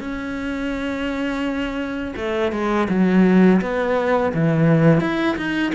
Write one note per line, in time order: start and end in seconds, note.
0.00 2.14 C#4
2.16 2.52 A3
2.52 2.88 G#3
2.89 3.61 F#3
3.61 4.33 B3
4.34 5.01 E3
5.01 5.36 E4
5.37 5.72 D#4